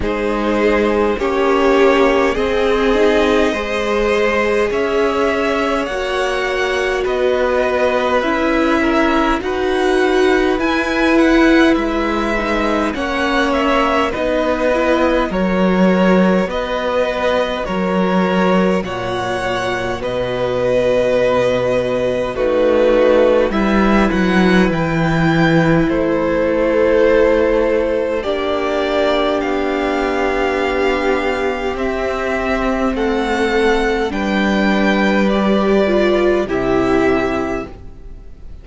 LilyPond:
<<
  \new Staff \with { instrumentName = "violin" } { \time 4/4 \tempo 4 = 51 c''4 cis''4 dis''2 | e''4 fis''4 dis''4 e''4 | fis''4 gis''8 fis''8 e''4 fis''8 e''8 | dis''4 cis''4 dis''4 cis''4 |
fis''4 dis''2 b'4 | e''8 fis''8 g''4 c''2 | d''4 f''2 e''4 | fis''4 g''4 d''4 e''4 | }
  \new Staff \with { instrumentName = "violin" } { \time 4/4 gis'4 g'4 gis'4 c''4 | cis''2 b'4. ais'8 | b'2. cis''4 | b'4 ais'4 b'4 ais'4 |
cis''4 b'2 fis'4 | b'2 a'2 | g'1 | a'4 b'2 g'4 | }
  \new Staff \with { instrumentName = "viola" } { \time 4/4 dis'4 cis'4 c'8 dis'8 gis'4~ | gis'4 fis'2 e'4 | fis'4 e'4. dis'8 cis'4 | dis'8 e'8 fis'2.~ |
fis'2. dis'4 | e'1 | d'2. c'4~ | c'4 d'4 g'8 f'8 e'4 | }
  \new Staff \with { instrumentName = "cello" } { \time 4/4 gis4 ais4 c'4 gis4 | cis'4 ais4 b4 cis'4 | dis'4 e'4 gis4 ais4 | b4 fis4 b4 fis4 |
ais,4 b,2 a4 | g8 fis8 e4 a2 | ais4 b2 c'4 | a4 g2 c4 | }
>>